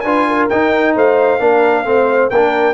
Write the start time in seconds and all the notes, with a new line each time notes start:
0.00 D4 F4 B4 G#5
0.27 A#4
0.49 D#4 G5
0.94 A3 C5 F5
1.39 A#3 D4 A#4
1.84 A3 C4 C5
2.30 A#3 D4 A#4 G5